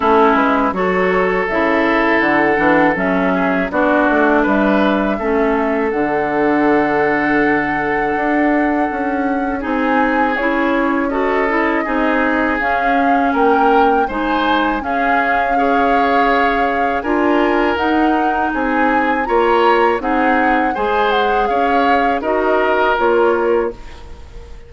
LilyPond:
<<
  \new Staff \with { instrumentName = "flute" } { \time 4/4 \tempo 4 = 81 a'8 b'8 cis''4 e''4 fis''4 | e''4 d''4 e''2 | fis''1~ | fis''4 gis''4 cis''4 dis''4~ |
dis''4 f''4 g''4 gis''4 | f''2. gis''4 | fis''4 gis''4 ais''4 fis''4 | gis''8 fis''8 f''4 dis''4 cis''4 | }
  \new Staff \with { instrumentName = "oboe" } { \time 4/4 e'4 a'2.~ | a'8 gis'8 fis'4 b'4 a'4~ | a'1~ | a'4 gis'2 a'4 |
gis'2 ais'4 c''4 | gis'4 cis''2 ais'4~ | ais'4 gis'4 cis''4 gis'4 | c''4 cis''4 ais'2 | }
  \new Staff \with { instrumentName = "clarinet" } { \time 4/4 cis'4 fis'4 e'4. d'8 | cis'4 d'2 cis'4 | d'1~ | d'4 dis'4 e'4 fis'8 e'8 |
dis'4 cis'2 dis'4 | cis'4 gis'2 f'4 | dis'2 f'4 dis'4 | gis'2 fis'4 f'4 | }
  \new Staff \with { instrumentName = "bassoon" } { \time 4/4 a8 gis8 fis4 cis4 d8 e8 | fis4 b8 a8 g4 a4 | d2. d'4 | cis'4 c'4 cis'2 |
c'4 cis'4 ais4 gis4 | cis'2. d'4 | dis'4 c'4 ais4 c'4 | gis4 cis'4 dis'4 ais4 | }
>>